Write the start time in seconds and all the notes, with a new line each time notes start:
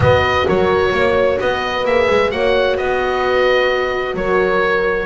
0.00 B3 F#4 B4 D#5
0.45 F#3 A#4 C#5
0.92 A#3 C#5
1.39 B3 B4 D#5
1.84 A#3 G#4 E5
2.09 G#3
2.30 A#3 F#4 C#5 F#5
2.76 B3 B4 D#5
4.14 F#3 A#4 C#5